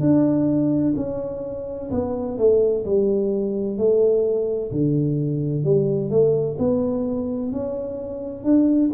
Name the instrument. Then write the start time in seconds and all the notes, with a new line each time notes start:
tuba
0.00 D4
0.96 C#4
1.90 B3
2.37 A3
2.85 G3
3.77 A3
4.71 D3
5.63 G3
6.10 A3
6.58 B3
7.52 C#4
8.44 D4